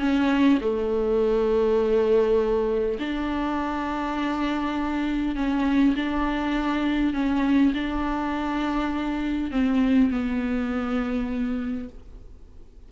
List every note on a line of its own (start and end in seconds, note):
0.00 0.59 C#4
0.61 2.99 A3
2.99 5.36 D4
5.36 5.95 C#4
5.96 7.14 D4
7.14 7.74 C#4
7.74 9.52 D4
9.52 10.11 C4
10.11 11.89 B3